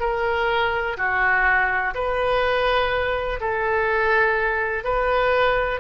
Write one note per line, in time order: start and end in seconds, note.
0.00 0.97 A#4
0.97 1.94 F#4
1.94 3.40 B4
3.40 4.84 A4
4.84 5.80 B4